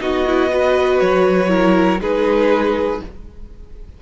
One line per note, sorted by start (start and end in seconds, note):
0.00 1.01 B3
0.00 0.25 D#4
0.00 0.51 F#4
0.00 1.00 D#5
0.26 0.50 E4
0.50 1.48 F#4
0.50 1.50 B4
1.00 2.00 F#3
1.00 2.00 C#5
1.48 1.98 E4
1.48 2.00 A#4
2.00 3.00 G#3
2.00 3.01 D#4
2.00 3.00 G#4
2.00 3.02 B4